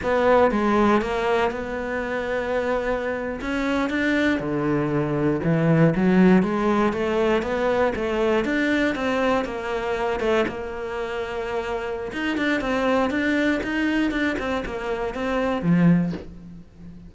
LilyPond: \new Staff \with { instrumentName = "cello" } { \time 4/4 \tempo 4 = 119 b4 gis4 ais4 b4~ | b2~ b8. cis'4 d'16~ | d'8. d2 e4 fis16~ | fis8. gis4 a4 b4 a16~ |
a8. d'4 c'4 ais4~ ais16~ | ais16 a8 ais2.~ ais16 | dis'8 d'8 c'4 d'4 dis'4 | d'8 c'8 ais4 c'4 f4 | }